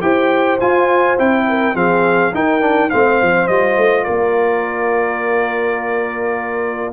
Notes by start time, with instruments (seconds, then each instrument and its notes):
0.00 tuba E4, trombone G4, horn C5, trumpet G5
0.60 trombone F4, tuba F4, trumpet G#5
1.17 tuba C4, trombone E4, trumpet G5
1.48 horn A#4
1.74 tuba F3, trombone C4, horn G#4, trumpet F5
2.33 trombone D#4, tuba D#4, horn A#4, trumpet G5
2.60 trombone D4
2.89 tuba A3, trombone C4, horn C5, trumpet F5
3.22 tuba F3
3.47 tuba G3, trombone F4, trumpet D#5
3.77 tuba A3
4.04 tuba A#3, horn A#4, trumpet D5